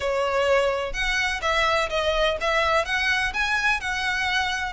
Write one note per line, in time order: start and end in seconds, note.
0.00 0.93 C#5
0.93 1.40 F#5
1.41 1.89 E5
1.89 2.37 D#5
2.40 2.85 E5
2.85 3.32 F#5
3.33 3.80 G#5
3.80 4.72 F#5